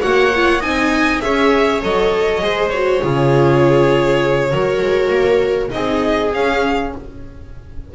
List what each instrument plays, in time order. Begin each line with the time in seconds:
0.00 double bass A#3, viola F#4 C#5, violin F#5
0.35 viola F4
0.60 double bass C4, viola D#4 D#5, violin G#5
1.21 double bass C#4, viola G#4 C#5, violin E5
1.81 double bass F#3, viola A4, violin D#5
2.41 double bass G#3, viola G#4 C5
2.69 viola F#4, violin C#5
3.02 double bass C#3, viola F4 G#4
4.50 double bass F#3, viola F#4 A#4
4.82 double bass G#3
5.09 double bass A#3
5.70 double bass C4, viola D#4 G#4, violin D#5
6.33 viola C#4, double bass C#4, violin F5